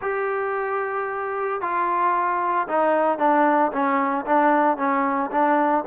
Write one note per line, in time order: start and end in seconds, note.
0.01 1.61 G4
1.61 2.67 F4
2.68 3.18 D#4
3.18 3.71 D4
3.72 4.25 C#4
4.25 4.77 D4
4.77 5.30 C#4
5.31 5.84 D4